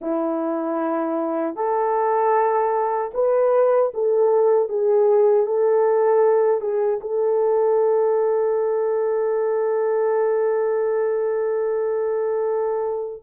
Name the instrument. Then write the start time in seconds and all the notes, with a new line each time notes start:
horn
0.01 E4
1.55 A4
3.14 B4
3.94 A4
4.69 G#4
5.46 A4
6.61 G#4
7.01 A4